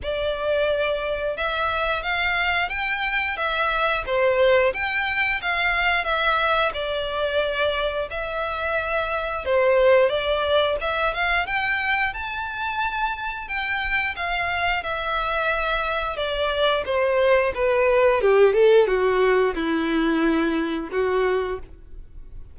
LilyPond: \new Staff \with { instrumentName = "violin" } { \time 4/4 \tempo 4 = 89 d''2 e''4 f''4 | g''4 e''4 c''4 g''4 | f''4 e''4 d''2 | e''2 c''4 d''4 |
e''8 f''8 g''4 a''2 | g''4 f''4 e''2 | d''4 c''4 b'4 g'8 a'8 | fis'4 e'2 fis'4 | }